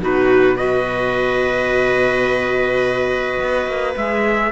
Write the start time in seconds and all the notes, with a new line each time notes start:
0.00 B2 D#4 F#4 B4
0.56 F#4 B4 D#5
3.40 B3
3.67 A#3
3.96 G#3 G#4 E5